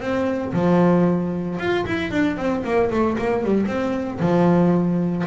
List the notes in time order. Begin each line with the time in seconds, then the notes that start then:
0.00 C4
0.53 F3
1.59 F4
1.86 E4
2.11 D4
2.37 C4
2.64 A#3
2.90 A3
3.18 A#3
3.44 G3
3.67 C4
4.20 F3